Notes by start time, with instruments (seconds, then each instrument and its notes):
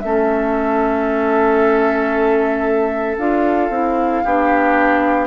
0.00 bassoon A3, clarinet C#4, oboe A4, flute E5
3.18 bassoon D4, clarinet F4, flute F5
3.70 bassoon C4, clarinet E4
4.24 bassoon B3, clarinet D4, oboe G4